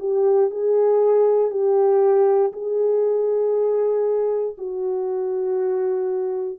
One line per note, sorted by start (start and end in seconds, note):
0.00 0.51 G4
0.51 1.51 G#4
1.51 2.53 G4
2.53 4.57 G#4
4.58 6.59 F#4